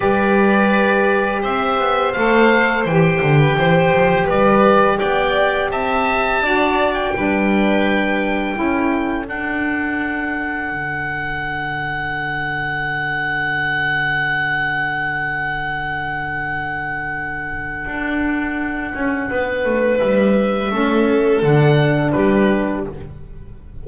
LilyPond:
<<
  \new Staff \with { instrumentName = "oboe" } { \time 4/4 \tempo 4 = 84 d''2 e''4 f''4 | g''2 d''4 g''4 | a''4.~ a''16 g''2~ g''16~ | g''4 fis''2.~ |
fis''1~ | fis''1~ | fis''1 | e''2 fis''4 b'4 | }
  \new Staff \with { instrumentName = "violin" } { \time 4/4 b'2 c''2~ | c''8. b'16 c''4 b'4 d''4 | e''4 d''4 b'2 | a'1~ |
a'1~ | a'1~ | a'2. b'4~ | b'4 a'2 g'4 | }
  \new Staff \with { instrumentName = "saxophone" } { \time 4/4 g'2. a'4 | g'1~ | g'4 fis'4 d'2 | e'4 d'2.~ |
d'1~ | d'1~ | d'1~ | d'4 cis'4 d'2 | }
  \new Staff \with { instrumentName = "double bass" } { \time 4/4 g2 c'8 b8 a4 | e8 d8 e8 f8 g4 b4 | c'4 d'4 g2 | cis'4 d'2 d4~ |
d1~ | d1~ | d4 d'4. cis'8 b8 a8 | g4 a4 d4 g4 | }
>>